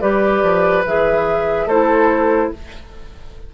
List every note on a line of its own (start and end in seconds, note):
0.00 0.42 G3
0.00 0.84 G4
0.00 1.66 B4
0.00 0.83 D5
0.42 0.84 F3
0.86 1.66 E3
0.86 1.70 G#4
0.86 1.69 E5
1.66 2.49 A3
1.66 2.54 E4
1.66 2.50 A4
1.66 2.52 C5